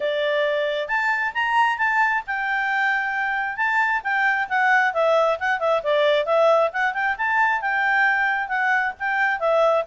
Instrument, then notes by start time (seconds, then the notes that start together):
clarinet
0.00 D5
0.88 A5
1.34 A#5
1.78 A5
2.27 G5
3.56 A5
4.03 G5
4.48 F#5
4.93 E5
5.39 F#5
5.59 E5
5.83 D5
6.25 E5
6.72 F#5
6.93 G5
7.17 A5
7.61 G5
8.48 F#5
8.99 G5
9.39 E5